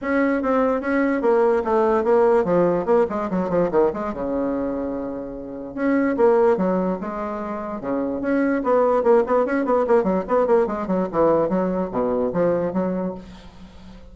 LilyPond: \new Staff \with { instrumentName = "bassoon" } { \time 4/4 \tempo 4 = 146 cis'4 c'4 cis'4 ais4 | a4 ais4 f4 ais8 gis8 | fis8 f8 dis8 gis8 cis2~ | cis2 cis'4 ais4 |
fis4 gis2 cis4 | cis'4 b4 ais8 b8 cis'8 b8 | ais8 fis8 b8 ais8 gis8 fis8 e4 | fis4 b,4 f4 fis4 | }